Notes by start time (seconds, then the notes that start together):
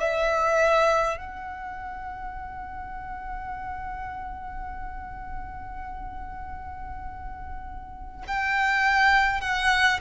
0.00 E5
1.17 F#5
8.27 G5
9.41 F#5